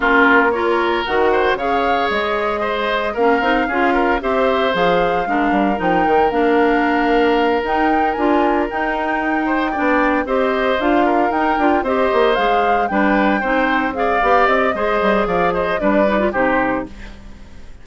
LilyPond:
<<
  \new Staff \with { instrumentName = "flute" } { \time 4/4 \tempo 4 = 114 ais'4 cis''4 fis''4 f''4 | dis''2 f''2 | e''4 f''2 g''4 | f''2~ f''8 g''4 gis''8~ |
gis''8 g''2. dis''8~ | dis''8 f''4 g''4 dis''4 f''8~ | f''8 g''2 f''4 dis''8~ | dis''4 f''8 dis''8 d''4 c''4 | }
  \new Staff \with { instrumentName = "oboe" } { \time 4/4 f'4 ais'4. c''8 cis''4~ | cis''4 c''4 ais'4 gis'8 ais'8 | c''2 ais'2~ | ais'1~ |
ais'2 c''8 d''4 c''8~ | c''4 ais'4. c''4.~ | c''8 b'4 c''4 d''4. | c''4 d''8 c''8 b'4 g'4 | }
  \new Staff \with { instrumentName = "clarinet" } { \time 4/4 cis'4 f'4 fis'4 gis'4~ | gis'2 cis'8 dis'8 f'4 | g'4 gis'4 d'4 dis'4 | d'2~ d'8 dis'4 f'8~ |
f'8 dis'2 d'4 g'8~ | g'8 f'4 dis'8 f'8 g'4 gis'8~ | gis'8 d'4 dis'4 gis'8 g'4 | gis'2 d'8 dis'16 f'16 dis'4 | }
  \new Staff \with { instrumentName = "bassoon" } { \time 4/4 ais2 dis4 cis4 | gis2 ais8 c'8 cis'4 | c'4 f4 gis8 g8 f8 dis8 | ais2~ ais8 dis'4 d'8~ |
d'8 dis'2 b4 c'8~ | c'8 d'4 dis'8 d'8 c'8 ais8 gis8~ | gis8 g4 c'4. b8 c'8 | gis8 g8 f4 g4 c4 | }
>>